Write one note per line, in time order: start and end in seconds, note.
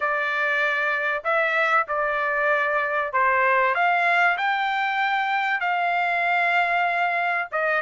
0.00 1.23 D5
1.23 1.86 E5
1.88 3.12 D5
3.12 3.74 C5
3.74 4.37 F5
4.37 5.60 G5
5.60 7.48 F5
7.51 7.81 D#5